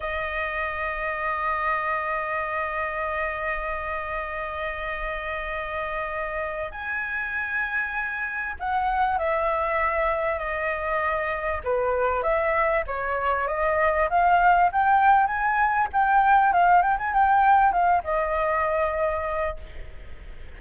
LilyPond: \new Staff \with { instrumentName = "flute" } { \time 4/4 \tempo 4 = 98 dis''1~ | dis''1~ | dis''2. gis''4~ | gis''2 fis''4 e''4~ |
e''4 dis''2 b'4 | e''4 cis''4 dis''4 f''4 | g''4 gis''4 g''4 f''8 g''16 gis''16 | g''4 f''8 dis''2~ dis''8 | }